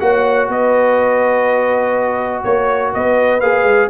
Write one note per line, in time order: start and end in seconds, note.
0.00 0.48 A#3
0.00 3.42 F#4
0.00 0.49 C#5
0.00 0.49 F#5
0.48 2.43 B3
0.48 2.43 B4
0.48 2.44 D#5
2.43 2.94 A#3
2.43 2.92 C#5
2.93 3.41 B3
2.93 3.90 B4
2.93 3.40 D#5
3.40 3.63 A#3
3.40 3.90 G#4
3.40 3.89 F5
3.63 3.88 G#3